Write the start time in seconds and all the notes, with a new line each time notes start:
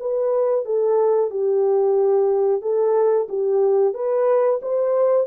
0.00 B4
0.66 A4
1.31 G4
2.62 A4
3.29 G4
3.94 B4
4.62 C5